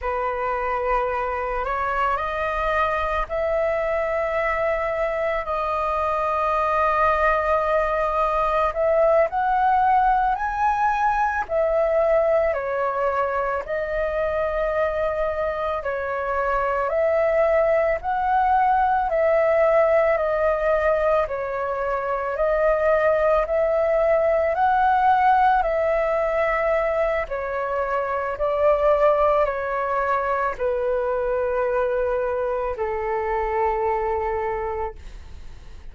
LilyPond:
\new Staff \with { instrumentName = "flute" } { \time 4/4 \tempo 4 = 55 b'4. cis''8 dis''4 e''4~ | e''4 dis''2. | e''8 fis''4 gis''4 e''4 cis''8~ | cis''8 dis''2 cis''4 e''8~ |
e''8 fis''4 e''4 dis''4 cis''8~ | cis''8 dis''4 e''4 fis''4 e''8~ | e''4 cis''4 d''4 cis''4 | b'2 a'2 | }